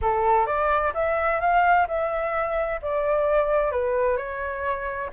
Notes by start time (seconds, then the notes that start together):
0.01 A4
0.46 D5
0.93 E5
1.40 F5
1.87 E5
2.82 D5
3.71 B4
4.16 C#5